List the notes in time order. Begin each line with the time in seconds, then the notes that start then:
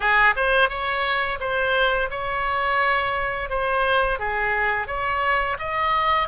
0.00 G#4
0.36 C5
0.68 C#5
1.40 C5
2.10 C#5
3.49 C5
4.19 G#4
4.87 C#5
5.58 D#5